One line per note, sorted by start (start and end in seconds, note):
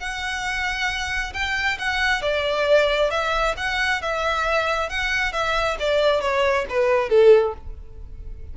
0.00 1.33 F#5
1.34 1.78 G5
1.79 2.22 F#5
2.22 3.11 D5
3.11 3.55 E5
3.58 4.02 F#5
4.02 4.89 E5
4.89 5.33 F#5
5.33 5.77 E5
5.80 6.21 D5
6.21 6.66 C#5
6.69 7.09 B4
7.09 7.54 A4